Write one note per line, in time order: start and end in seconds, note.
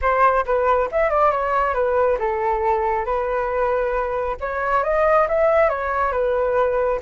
0.01 0.45 C5
0.45 0.89 B4
0.91 1.10 E5
1.10 1.31 D5
1.31 1.74 C#5
1.74 2.17 B4
2.19 3.05 A4
3.05 4.36 B4
4.40 4.83 C#5
4.83 5.27 D#5
5.28 5.69 E5
5.69 6.12 C#5
6.12 6.99 B4